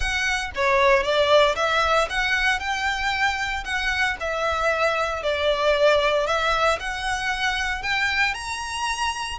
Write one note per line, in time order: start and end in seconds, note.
0.00 0.51 F#5
0.55 1.03 C#5
1.03 1.55 D5
1.55 2.08 E5
2.09 2.59 F#5
2.59 3.64 G5
3.64 4.16 F#5
4.20 5.22 E5
5.22 6.26 D5
6.26 6.78 E5
6.79 7.82 F#5
7.82 8.34 G5
8.34 9.38 A#5